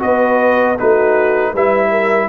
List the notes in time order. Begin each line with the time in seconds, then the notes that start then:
0.00 B3 F#4 B4 D#5
0.79 A3 D#4 F#4 B4
1.52 G3 E4 B4 E5
1.91 A#4